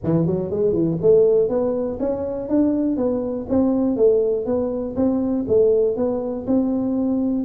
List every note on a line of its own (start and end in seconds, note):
0.03 0.26 E3
0.26 0.50 F#3
0.50 0.73 G#3
0.73 0.97 E3
1.01 1.49 A3
1.49 1.98 B3
1.99 2.48 C#4
2.48 2.96 D4
2.96 3.46 B3
3.49 3.96 C4
3.96 4.45 A3
4.45 4.95 B3
4.95 5.45 C4
5.47 5.96 A3
5.96 6.46 B3
6.46 7.44 C4